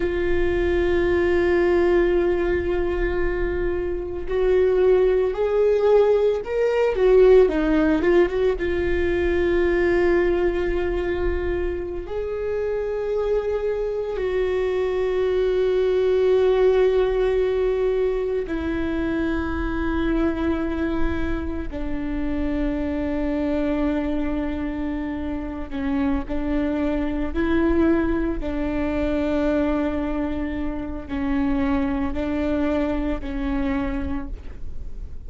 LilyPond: \new Staff \with { instrumentName = "viola" } { \time 4/4 \tempo 4 = 56 f'1 | fis'4 gis'4 ais'8 fis'8 dis'8 f'16 fis'16 | f'2.~ f'16 gis'8.~ | gis'4~ gis'16 fis'2~ fis'8.~ |
fis'4~ fis'16 e'2~ e'8.~ | e'16 d'2.~ d'8. | cis'8 d'4 e'4 d'4.~ | d'4 cis'4 d'4 cis'4 | }